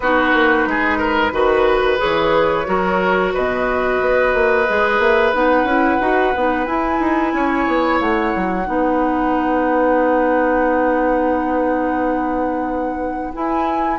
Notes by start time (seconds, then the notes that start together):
0.00 B3 D#4 F#4 B4
0.33 A#3
0.66 G#3 G#4
0.98 A#4
1.31 D#3 F#4 B4
1.97 E3 G#4 C#5
2.65 F#3 F#4 A#4
3.33 B2 B4 D#5
4.00 B3
4.34 A#3
4.68 G#3 G#4
4.98 A#3 E5
5.33 B3 D#4 F#5
5.63 C#4 E4
6.00 D#4 F#4
6.35 B3 D#4
6.65 E4 G#5
6.99 D#4
7.33 C#4 C#5
7.67 B3
8.00 A3 F#5
8.35 F#3
8.64 B3 D#4 B4
13.32 E4 G#5